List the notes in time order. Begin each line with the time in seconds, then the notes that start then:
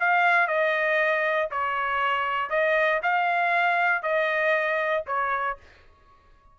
0.00 F5
0.48 D#5
1.51 C#5
2.50 D#5
3.03 F5
4.03 D#5
5.07 C#5